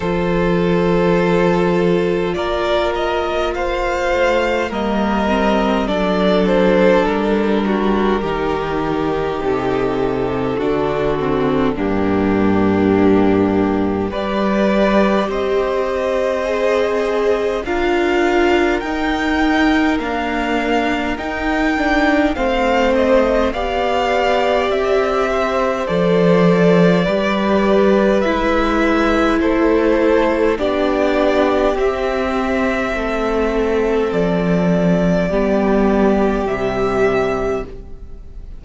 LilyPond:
<<
  \new Staff \with { instrumentName = "violin" } { \time 4/4 \tempo 4 = 51 c''2 d''8 dis''8 f''4 | dis''4 d''8 c''8 ais'2 | a'2 g'2 | d''4 dis''2 f''4 |
g''4 f''4 g''4 f''8 dis''8 | f''4 e''4 d''2 | e''4 c''4 d''4 e''4~ | e''4 d''2 e''4 | }
  \new Staff \with { instrumentName = "violin" } { \time 4/4 a'2 ais'4 c''4 | ais'4 a'4. fis'8 g'4~ | g'4 fis'4 d'2 | b'4 c''2 ais'4~ |
ais'2. c''4 | d''4. c''4. b'4~ | b'4 a'4 g'2 | a'2 g'2 | }
  \new Staff \with { instrumentName = "viola" } { \time 4/4 f'1 | ais8 c'8 d'2 dis'4~ | dis'4 d'8 c'8 ais2 | g'2 gis'4 f'4 |
dis'4 ais4 dis'8 d'8 c'4 | g'2 a'4 g'4 | e'2 d'4 c'4~ | c'2 b4 g4 | }
  \new Staff \with { instrumentName = "cello" } { \time 4/4 f2 ais4. a8 | g4 fis4 g4 dis4 | c4 d4 g,2 | g4 c'2 d'4 |
dis'4 d'4 dis'4 a4 | b4 c'4 f4 g4 | gis4 a4 b4 c'4 | a4 f4 g4 c4 | }
>>